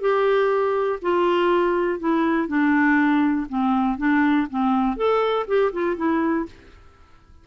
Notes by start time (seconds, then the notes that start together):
0.00 G4
1.01 F4
1.99 E4
2.47 D4
3.49 C4
3.97 D4
4.50 C4
4.96 A4
5.47 G4
5.72 F4
5.96 E4